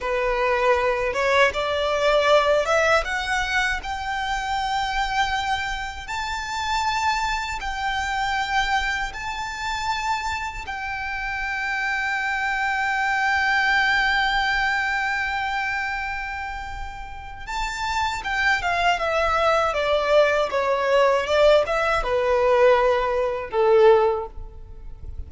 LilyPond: \new Staff \with { instrumentName = "violin" } { \time 4/4 \tempo 4 = 79 b'4. cis''8 d''4. e''8 | fis''4 g''2. | a''2 g''2 | a''2 g''2~ |
g''1~ | g''2. a''4 | g''8 f''8 e''4 d''4 cis''4 | d''8 e''8 b'2 a'4 | }